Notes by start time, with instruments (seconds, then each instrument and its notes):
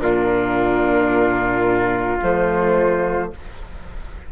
0.00 bassoon A#2, viola D4, trumpet F4, flute A#4
2.22 bassoon F3, viola A3, flute C5